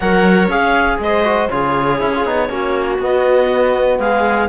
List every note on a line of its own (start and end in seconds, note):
0.00 0.47 F#3
0.00 0.50 A#4
0.00 0.99 C#5
0.00 0.49 F#5
0.47 0.97 C#4
0.47 1.24 G#4
0.47 1.00 F5
0.98 1.48 G#3
0.98 1.52 C5
0.98 1.49 D#5
1.24 1.49 F#4
1.49 2.01 C#3
1.49 1.99 F4
1.49 2.51 G#4
1.49 2.99 C#5
1.99 2.25 C#4
1.99 2.12 E4
2.14 2.26 F4
2.25 2.49 B3
2.25 2.48 D#4
2.48 2.98 A#3
2.48 2.98 C#4
2.48 4.00 F#4
2.98 3.98 B3
2.98 4.49 B3
2.98 3.99 D#5
3.98 4.48 G#3
3.98 4.49 G#4
3.98 4.49 F5